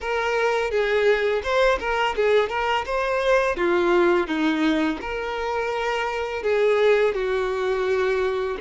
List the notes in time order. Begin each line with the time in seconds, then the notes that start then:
0.00 A#4
0.70 G#4
1.43 C5
1.79 A#4
2.16 G#4
2.49 A#4
2.85 C5
3.56 F4
4.27 D#4
5.01 A#4
6.43 G#4
7.14 F#4